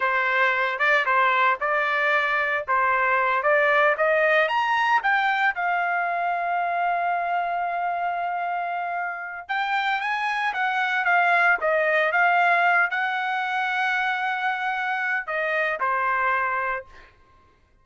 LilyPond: \new Staff \with { instrumentName = "trumpet" } { \time 4/4 \tempo 4 = 114 c''4. d''8 c''4 d''4~ | d''4 c''4. d''4 dis''8~ | dis''8 ais''4 g''4 f''4.~ | f''1~ |
f''2 g''4 gis''4 | fis''4 f''4 dis''4 f''4~ | f''8 fis''2.~ fis''8~ | fis''4 dis''4 c''2 | }